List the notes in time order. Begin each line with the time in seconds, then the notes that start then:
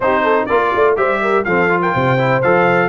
0.00 C4 D#4 G4 C5
0.23 A4
0.46 A#3 F4 A#4 D5
0.74 A3 D5
0.96 G3 G4 C5 E5
1.22 A#4
1.44 F3 C4 A4 F5
1.69 F4
1.81 A#4 G5
1.93 C3 C5
2.17 E4
2.42 F3 A4 F5